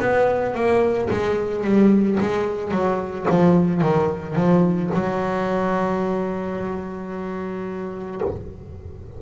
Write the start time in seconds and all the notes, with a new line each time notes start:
0.00 B3
0.55 A#3
1.10 G#3
1.64 G3
2.20 G#3
2.71 F#3
3.30 F3
3.81 D#3
4.35 F3
4.94 F#3